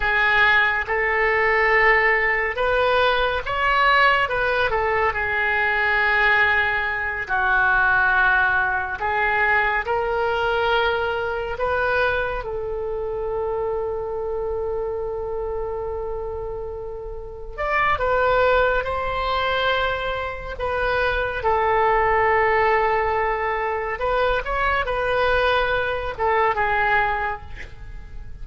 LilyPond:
\new Staff \with { instrumentName = "oboe" } { \time 4/4 \tempo 4 = 70 gis'4 a'2 b'4 | cis''4 b'8 a'8 gis'2~ | gis'8 fis'2 gis'4 ais'8~ | ais'4. b'4 a'4.~ |
a'1~ | a'8 d''8 b'4 c''2 | b'4 a'2. | b'8 cis''8 b'4. a'8 gis'4 | }